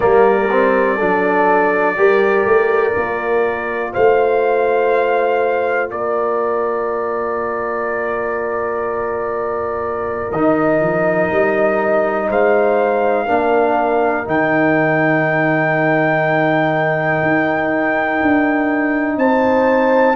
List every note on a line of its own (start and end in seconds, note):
0.00 1.00 G3
0.00 0.48 A#3
0.00 0.96 A#4
0.00 3.93 D5
0.50 0.99 C4
0.96 1.97 F#3
0.96 1.97 D4
0.96 1.94 A4
1.97 2.45 G3
1.97 2.92 G4
1.97 3.93 A#4
2.45 2.94 A3
2.92 3.94 A#3
2.92 10.30 F4
3.93 5.90 A3
3.93 5.89 C5
3.93 5.90 F5
5.90 10.32 A#3
5.90 12.28 A#4
5.90 10.32 D5
10.32 10.80 D#3
10.32 13.27 D#4
10.32 12.28 D#5
10.80 11.29 F3
11.31 12.29 G3
12.28 13.27 G#3
12.28 13.25 C5
12.28 14.27 F5
13.25 14.26 A#3
13.25 14.25 D4
13.25 19.15 A#4
14.25 17.21 D#3
14.25 20.15 D#4
14.25 19.18 G5
17.22 18.20 D#4
18.22 19.17 D4
19.17 20.15 C4
19.17 20.16 C5
19.17 20.16 A5